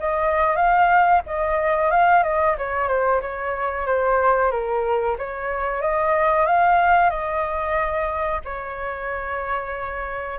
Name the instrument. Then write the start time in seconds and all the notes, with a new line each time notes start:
flute
0.00 D#5
0.57 F5
1.27 D#5
1.91 F5
2.24 D#5
2.58 C#5
2.88 C5
3.21 C#5
3.87 C5
4.51 A#4
5.19 C#5
5.82 D#5
6.47 F5
7.11 D#5
8.45 C#5